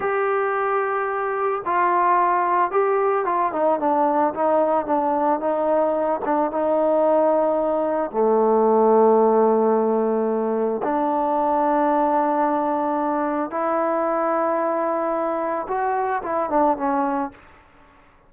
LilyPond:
\new Staff \with { instrumentName = "trombone" } { \time 4/4 \tempo 4 = 111 g'2. f'4~ | f'4 g'4 f'8 dis'8 d'4 | dis'4 d'4 dis'4. d'8 | dis'2. a4~ |
a1 | d'1~ | d'4 e'2.~ | e'4 fis'4 e'8 d'8 cis'4 | }